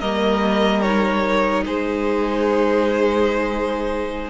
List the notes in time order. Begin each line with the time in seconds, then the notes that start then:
0.00 G3 A#3 A#4 D#5
0.82 D#4 C#5
1.66 G#3 G#4 C5